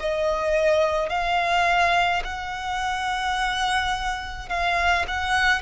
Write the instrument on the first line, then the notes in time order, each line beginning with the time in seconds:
violin
0.00 D#5
1.10 F5
2.24 F#5
4.49 F5
5.08 F#5